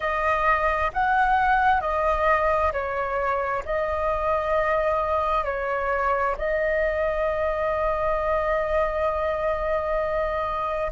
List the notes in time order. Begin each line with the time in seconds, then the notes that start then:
0.00 D#5
0.93 F#5
1.81 D#5
2.72 C#5
3.65 D#5
5.44 C#5
6.37 D#5